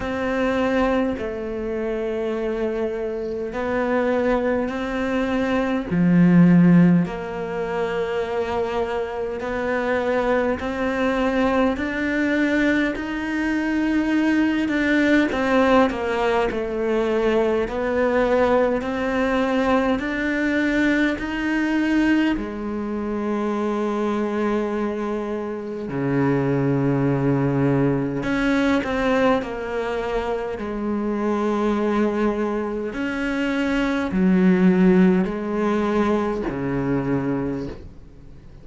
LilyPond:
\new Staff \with { instrumentName = "cello" } { \time 4/4 \tempo 4 = 51 c'4 a2 b4 | c'4 f4 ais2 | b4 c'4 d'4 dis'4~ | dis'8 d'8 c'8 ais8 a4 b4 |
c'4 d'4 dis'4 gis4~ | gis2 cis2 | cis'8 c'8 ais4 gis2 | cis'4 fis4 gis4 cis4 | }